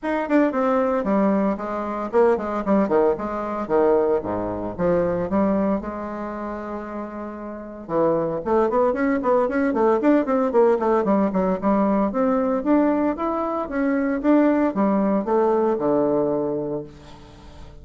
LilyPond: \new Staff \with { instrumentName = "bassoon" } { \time 4/4 \tempo 4 = 114 dis'8 d'8 c'4 g4 gis4 | ais8 gis8 g8 dis8 gis4 dis4 | gis,4 f4 g4 gis4~ | gis2. e4 |
a8 b8 cis'8 b8 cis'8 a8 d'8 c'8 | ais8 a8 g8 fis8 g4 c'4 | d'4 e'4 cis'4 d'4 | g4 a4 d2 | }